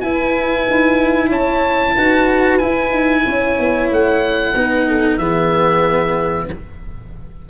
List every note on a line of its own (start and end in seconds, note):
0.00 0.66 E4
0.00 1.97 E4
0.00 1.29 B4
0.00 1.29 G#5
0.68 1.31 D#4
1.29 1.95 C#4
1.29 1.93 C#5
1.29 2.58 A5
1.94 2.61 D#4
1.94 2.60 F#4
1.94 3.23 B4
2.58 4.53 E4
2.58 2.90 E4
2.58 3.87 G#5
2.90 3.22 D#4
3.25 3.58 C#4
3.25 4.54 C#5
3.59 3.91 B3
3.91 4.55 A3
3.91 5.18 F#5
4.55 5.18 B3
4.55 5.20 D#4
4.55 4.87 B4
4.87 5.18 A4
5.18 6.47 E3
5.18 6.49 B3
5.18 6.47 G#4
5.18 6.47 E5